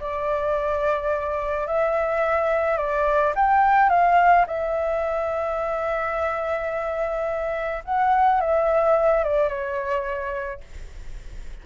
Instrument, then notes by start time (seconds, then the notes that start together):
flute
0.00 D5
1.67 E5
2.78 D5
3.35 G5
3.89 F5
4.47 E5
7.85 F#5
8.41 E5
9.24 D5
9.49 C#5